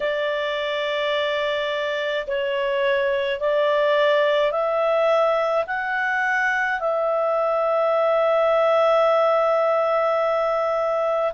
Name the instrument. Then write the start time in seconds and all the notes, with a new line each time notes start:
clarinet
0.00 D5
2.27 C#5
3.40 D5
4.51 E5
5.66 F#5
6.79 E5